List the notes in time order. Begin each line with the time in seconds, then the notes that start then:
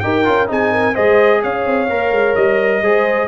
0.00 D#4 G4 A#4 G5
0.25 C#4 F4
0.47 C4 D#4 G#4 G#5
0.71 A#4
0.93 G#3 G#4 C5 D#5
1.42 C#4 C#5 F5
1.66 C4
1.89 A#3 A#4
2.11 G#3
2.35 G3 D#5
2.82 G#3 G#4 C5